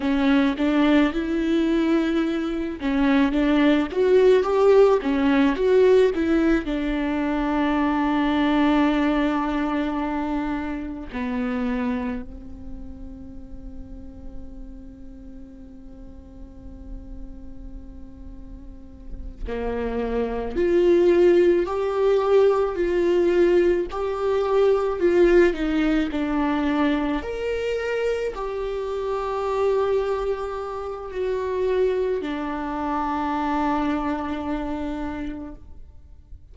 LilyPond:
\new Staff \with { instrumentName = "viola" } { \time 4/4 \tempo 4 = 54 cis'8 d'8 e'4. cis'8 d'8 fis'8 | g'8 cis'8 fis'8 e'8 d'2~ | d'2 b4 c'4~ | c'1~ |
c'4. ais4 f'4 g'8~ | g'8 f'4 g'4 f'8 dis'8 d'8~ | d'8 ais'4 g'2~ g'8 | fis'4 d'2. | }